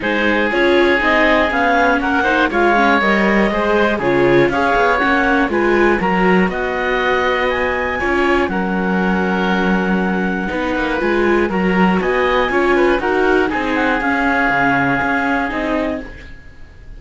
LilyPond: <<
  \new Staff \with { instrumentName = "clarinet" } { \time 4/4 \tempo 4 = 120 c''4 cis''4 dis''4 f''4 | fis''4 f''4 dis''2 | cis''4 f''4 fis''4 gis''4 | ais''4 fis''2 gis''4~ |
gis''4 fis''2.~ | fis''2 gis''4 ais''4 | gis''2 fis''4 gis''8 fis''8 | f''2. dis''4 | }
  \new Staff \with { instrumentName = "oboe" } { \time 4/4 gis'1 | ais'8 c''8 cis''2 c''4 | gis'4 cis''2 b'4 | ais'4 dis''2. |
cis''4 ais'2.~ | ais'4 b'2 ais'4 | dis''4 cis''8 b'8 ais'4 gis'4~ | gis'1 | }
  \new Staff \with { instrumentName = "viola" } { \time 4/4 dis'4 f'4 dis'4 cis'4~ | cis'8 dis'8 f'8 cis'8 ais'4 gis'4 | f'4 gis'4 cis'4 f'4 | fis'1 |
f'4 cis'2.~ | cis'4 dis'4 f'4 fis'4~ | fis'4 f'4 fis'4 dis'4 | cis'2. dis'4 | }
  \new Staff \with { instrumentName = "cello" } { \time 4/4 gis4 cis'4 c'4 b4 | ais4 gis4 g4 gis4 | cis4 cis'8 b8 ais4 gis4 | fis4 b2. |
cis'4 fis2.~ | fis4 b8 ais8 gis4 fis4 | b4 cis'4 dis'4 c'4 | cis'4 cis4 cis'4 c'4 | }
>>